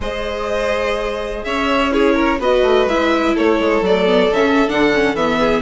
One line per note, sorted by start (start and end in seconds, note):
0.00 1.43 G#3
0.00 1.91 G#4
0.00 1.45 C5
0.00 1.44 D#5
1.44 2.39 C#4
1.44 1.93 C#5
1.44 1.92 E5
1.91 2.39 E4
1.91 2.15 G#4
1.91 2.41 C#5
2.15 2.39 A#4
2.39 2.62 B3
2.39 2.89 F#4
2.39 3.34 B4
2.39 2.88 D#5
2.62 2.86 A3
2.86 3.34 G#3
2.86 3.85 E4
2.86 3.36 E5
3.34 3.59 A3
3.34 5.38 A4
3.34 3.84 C#5
3.59 3.81 G#3
3.81 4.29 F#3
3.81 4.06 A3
3.81 4.33 D5
4.06 4.30 B3
4.31 4.67 C#3
4.31 4.67 C#4
4.31 4.69 E5
4.67 5.14 D3
4.67 4.91 D4
4.67 5.15 F#5
4.94 5.16 C#4
5.14 5.62 E3
5.14 5.62 B3
5.14 5.62 E5
5.38 5.62 G#4